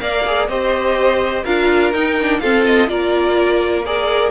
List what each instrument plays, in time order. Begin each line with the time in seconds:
0.00 cello A#3, viola A#4, violin D5 F5
0.26 viola G#4
0.48 cello C4, viola G4, violin C5 D#5
1.44 cello D4, viola F4, violin A#4 F5
1.93 cello D#4, viola D#4, violin G5
2.21 viola D4
2.40 viola C4, cello F4, violin A4 F5
2.66 violin D#5
2.88 cello A#3, viola F4, violin A#4 D5
3.86 viola G#4, violin A#4 D5